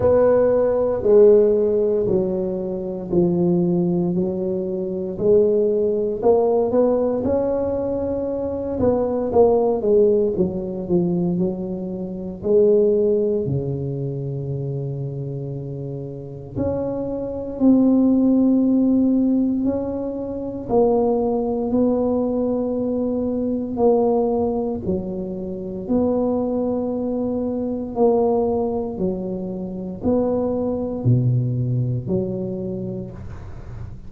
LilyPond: \new Staff \with { instrumentName = "tuba" } { \time 4/4 \tempo 4 = 58 b4 gis4 fis4 f4 | fis4 gis4 ais8 b8 cis'4~ | cis'8 b8 ais8 gis8 fis8 f8 fis4 | gis4 cis2. |
cis'4 c'2 cis'4 | ais4 b2 ais4 | fis4 b2 ais4 | fis4 b4 b,4 fis4 | }